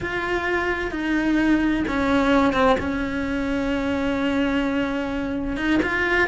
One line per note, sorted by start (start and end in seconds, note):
0.00 0.91 F4
0.91 1.84 D#4
1.87 2.53 C#4
2.53 2.76 C4
2.79 5.56 C#4
5.56 5.80 D#4
5.83 6.28 F4